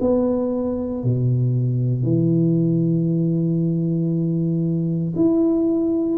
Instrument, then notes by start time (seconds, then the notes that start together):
tuba
0.00 B3
1.03 B2
2.03 E3
5.15 E4